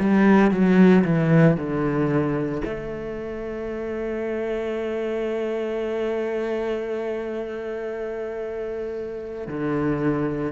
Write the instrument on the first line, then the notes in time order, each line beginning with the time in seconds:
cello
0.00 G3
0.51 F#3
1.04 E3
1.56 D3
2.65 A3
9.47 D3